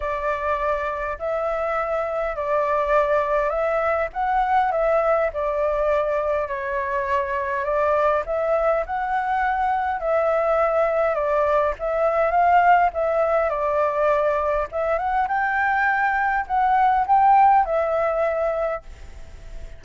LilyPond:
\new Staff \with { instrumentName = "flute" } { \time 4/4 \tempo 4 = 102 d''2 e''2 | d''2 e''4 fis''4 | e''4 d''2 cis''4~ | cis''4 d''4 e''4 fis''4~ |
fis''4 e''2 d''4 | e''4 f''4 e''4 d''4~ | d''4 e''8 fis''8 g''2 | fis''4 g''4 e''2 | }